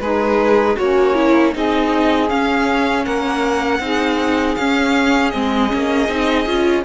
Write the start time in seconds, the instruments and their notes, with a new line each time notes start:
0.00 cello G#3, saxophone D#4, viola G#4, violin B4
0.76 cello A#3, saxophone C#4, viola F#4, violin C#5
1.15 viola E4
1.53 cello C4, viola D#4, saxophone G#4, violin D#5
2.29 viola C#4, cello C#4, violin F5
3.04 cello A#3, saxophone A#4, violin F#5
3.80 cello C4, viola D#4, saxophone G#4
4.56 cello C#4, viola C#4, violin F5
5.30 cello G#3, viola C4, violin D#5
5.69 cello A#3, viola C#4
6.09 cello C4, viola D#4
6.46 cello C#4, viola F4